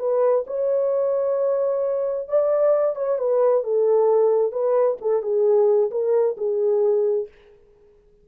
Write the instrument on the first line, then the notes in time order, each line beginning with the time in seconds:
horn
0.00 B4
0.47 C#5
2.29 D5
2.96 C#5
3.19 B4
3.64 A4
4.52 B4
5.02 A4
5.23 G#4
5.91 A#4
6.38 G#4